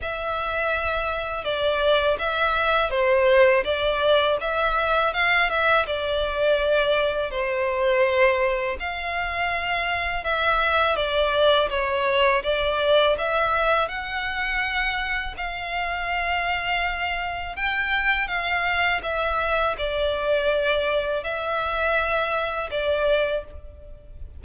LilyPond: \new Staff \with { instrumentName = "violin" } { \time 4/4 \tempo 4 = 82 e''2 d''4 e''4 | c''4 d''4 e''4 f''8 e''8 | d''2 c''2 | f''2 e''4 d''4 |
cis''4 d''4 e''4 fis''4~ | fis''4 f''2. | g''4 f''4 e''4 d''4~ | d''4 e''2 d''4 | }